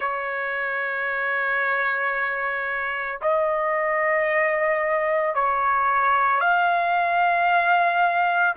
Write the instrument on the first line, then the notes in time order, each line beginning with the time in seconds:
trumpet
0.00 C#5
3.21 D#5
5.35 C#5
6.40 F5